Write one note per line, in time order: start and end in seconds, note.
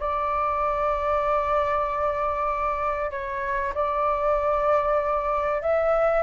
0.00 3.11 D5
3.11 3.74 C#5
3.75 5.62 D5
5.62 6.23 E5